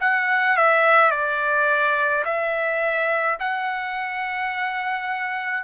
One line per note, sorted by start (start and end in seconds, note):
0.00 0.57 F#5
0.57 1.11 E5
1.11 2.24 D5
2.24 3.38 E5
3.39 5.63 F#5